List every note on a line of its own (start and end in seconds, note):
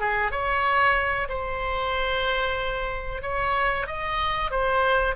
0.00 0.31 G#4
0.31 1.28 C#5
1.29 3.22 C5
3.22 3.87 C#5
3.87 4.51 D#5
4.51 5.15 C5